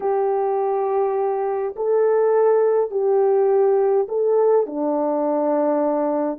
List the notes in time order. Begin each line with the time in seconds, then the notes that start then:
0.00 G4
1.76 A4
2.90 G4
4.08 A4
4.66 D4